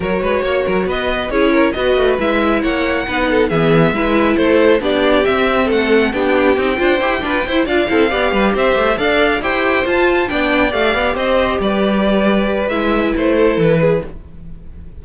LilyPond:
<<
  \new Staff \with { instrumentName = "violin" } { \time 4/4 \tempo 4 = 137 cis''2 dis''4 cis''4 | dis''4 e''4 fis''2 | e''2 c''4 d''4 | e''4 fis''4 g''2~ |
g''4. f''2 e''8~ | e''8 f''4 g''4 a''4 g''8~ | g''8 f''4 dis''4 d''4.~ | d''4 e''4 c''4 b'4 | }
  \new Staff \with { instrumentName = "violin" } { \time 4/4 ais'8 b'8 cis''8 ais'8 b'4 gis'8 ais'8 | b'2 cis''4 b'8 a'8 | gis'4 b'4 a'4 g'4~ | g'4 a'4 g'4. c''8~ |
c''8 b'8 c''8 d''8 a'8 d''8 b'8 c''8~ | c''8 d''4 c''2 d''8~ | d''4. c''4 b'4.~ | b'2~ b'8 a'4 gis'8 | }
  \new Staff \with { instrumentName = "viola" } { \time 4/4 fis'2. e'4 | fis'4 e'2 dis'4 | b4 e'2 d'4 | c'2 d'4 dis'8 f'8 |
g'8 d'8 e'8 f'8 e'8 g'4.~ | g'8 a'4 g'4 f'4 d'8~ | d'8 g'2.~ g'8~ | g'4 e'2. | }
  \new Staff \with { instrumentName = "cello" } { \time 4/4 fis8 gis8 ais8 fis8 b4 cis'4 | b8 a8 gis4 ais4 b4 | e4 gis4 a4 b4 | c'4 a4 b4 c'8 d'8 |
e'8 f'8 e'8 d'8 c'8 b8 g8 c'8 | a8 d'4 e'4 f'4 b8~ | b8 a8 b8 c'4 g4.~ | g4 gis4 a4 e4 | }
>>